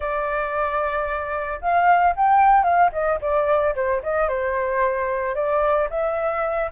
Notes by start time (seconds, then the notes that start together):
0.00 D5
1.61 F5
2.16 G5
2.63 F5
2.92 D#5
3.21 D5
3.75 C5
4.03 D#5
4.28 C5
5.34 D5
5.90 E5